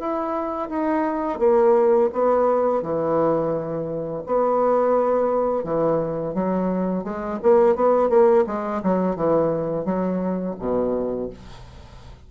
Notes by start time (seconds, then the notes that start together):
0.00 E4
0.69 D#4
1.40 A#3
2.13 B3
2.83 E3
4.27 B3
5.64 E3
6.35 F#3
7.04 G#3
7.43 A#3
7.76 B3
8.10 A#3
8.47 G#3
8.84 F#3
9.16 E3
9.86 F#3
10.60 B2